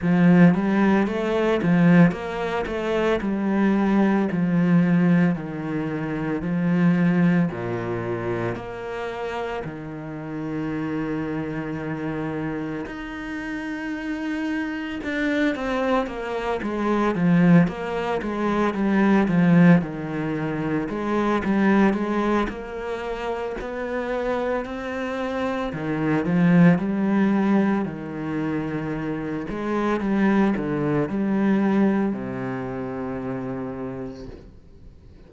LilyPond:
\new Staff \with { instrumentName = "cello" } { \time 4/4 \tempo 4 = 56 f8 g8 a8 f8 ais8 a8 g4 | f4 dis4 f4 ais,4 | ais4 dis2. | dis'2 d'8 c'8 ais8 gis8 |
f8 ais8 gis8 g8 f8 dis4 gis8 | g8 gis8 ais4 b4 c'4 | dis8 f8 g4 dis4. gis8 | g8 d8 g4 c2 | }